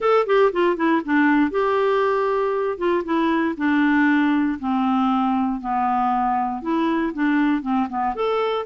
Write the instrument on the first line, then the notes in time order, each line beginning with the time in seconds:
clarinet
0.00 A4
0.26 G4
0.52 F4
0.76 E4
1.04 D4
1.50 G4
2.77 F4
3.04 E4
3.57 D4
4.59 C4
5.60 B3
6.61 E4
7.13 D4
7.62 C4
7.89 B3
8.15 A4